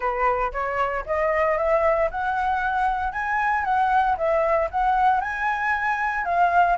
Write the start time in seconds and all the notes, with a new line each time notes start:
0.00 B4
0.52 C#5
1.06 D#5
1.57 E5
2.10 F#5
3.12 G#5
3.64 F#5
4.17 E5
4.70 F#5
5.21 G#5
6.24 F5